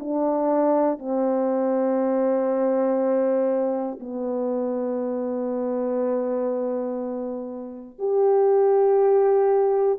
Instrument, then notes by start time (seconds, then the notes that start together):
horn
0.00 D4
0.99 C4
4.00 B3
7.99 G4